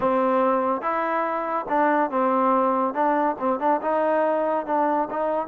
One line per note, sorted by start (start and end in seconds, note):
0.00 0.81 C4
0.81 1.66 E4
1.68 2.10 D4
2.10 2.93 C4
2.93 3.36 D4
3.38 3.59 C4
3.59 3.80 D4
3.81 4.66 D#4
4.66 5.08 D4
5.10 5.47 D#4